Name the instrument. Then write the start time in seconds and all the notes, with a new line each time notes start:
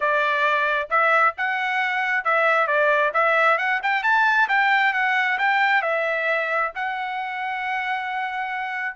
trumpet
0.00 D5
0.90 E5
1.37 F#5
2.24 E5
2.67 D5
3.13 E5
3.57 F#5
3.82 G5
4.03 A5
4.48 G5
4.93 F#5
5.38 G5
5.82 E5
6.75 F#5